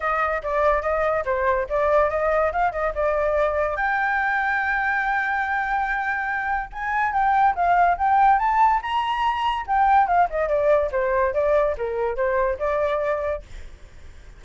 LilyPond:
\new Staff \with { instrumentName = "flute" } { \time 4/4 \tempo 4 = 143 dis''4 d''4 dis''4 c''4 | d''4 dis''4 f''8 dis''8 d''4~ | d''4 g''2.~ | g''1 |
gis''4 g''4 f''4 g''4 | a''4 ais''2 g''4 | f''8 dis''8 d''4 c''4 d''4 | ais'4 c''4 d''2 | }